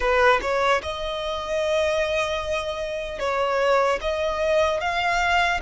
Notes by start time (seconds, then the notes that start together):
0.00 B4
0.41 C#5
0.82 D#5
3.19 C#5
4.01 D#5
4.80 F5